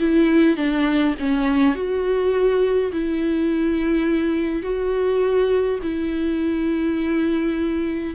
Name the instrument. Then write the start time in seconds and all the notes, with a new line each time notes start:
viola
0.00 E4
0.57 D4
1.19 C#4
1.75 F#4
2.92 E4
4.63 F#4
5.83 E4